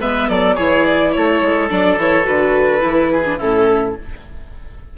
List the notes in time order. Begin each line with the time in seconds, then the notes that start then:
0.00 G#3 B3 B4 E5
0.28 F#3 A4 D5
0.55 E3 E4 G#4 C#5
0.85 D5
1.12 A3 A4 C#5
1.41 G#3
1.69 F#3 D4 D5
1.97 E3 E4 C#5
2.23 D3 F#4 B4
2.80 E3 E4
3.12 G#4
3.25 D4
3.37 A2 C#4 E4 A4